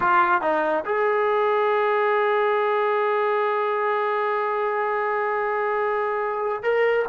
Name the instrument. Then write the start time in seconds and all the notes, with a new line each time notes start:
trombone
0.00 F4
0.41 D#4
0.85 G#4
6.62 A#4